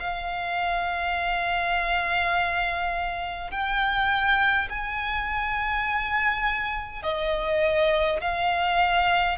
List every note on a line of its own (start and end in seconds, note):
0.00 3.51 F5
3.51 4.69 G5
4.70 7.03 G#5
7.03 8.21 D#5
8.21 9.39 F5